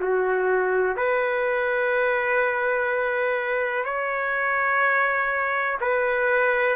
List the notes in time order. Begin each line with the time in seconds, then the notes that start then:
0.00 F#4
0.97 B4
3.84 C#5
5.81 B4